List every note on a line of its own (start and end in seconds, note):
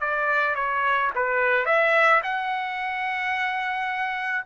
0.00 0.55 D5
0.55 1.10 C#5
1.15 1.65 B4
1.65 2.21 E5
2.23 4.45 F#5